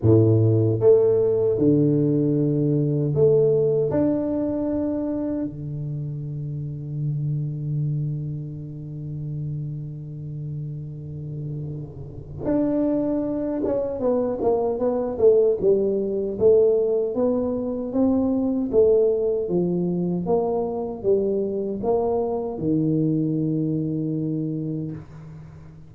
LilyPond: \new Staff \with { instrumentName = "tuba" } { \time 4/4 \tempo 4 = 77 a,4 a4 d2 | a4 d'2 d4~ | d1~ | d1 |
d'4. cis'8 b8 ais8 b8 a8 | g4 a4 b4 c'4 | a4 f4 ais4 g4 | ais4 dis2. | }